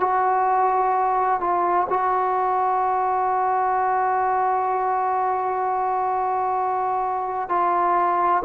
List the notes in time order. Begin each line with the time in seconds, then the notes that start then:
0.00 F#4
1.41 F4
1.89 F#4
7.49 F4